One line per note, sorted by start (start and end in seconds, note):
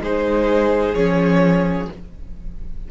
0.00 0.94 G#3
0.00 0.95 D#4
0.00 1.91 G#4
0.00 0.95 C5
0.95 1.88 F3
0.95 1.89 C#4
0.95 1.88 C#5